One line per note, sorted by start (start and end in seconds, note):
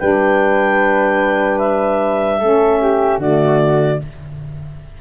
0.00 2.42 G3
0.00 2.40 D4
0.00 2.39 B4
0.00 1.59 G5
1.59 3.19 E5
2.39 3.19 A3
2.39 3.21 C#4
2.39 2.79 A4
2.81 3.20 G4
3.19 3.99 D3
3.19 4.01 A3
3.19 4.00 F#4
3.19 4.01 D5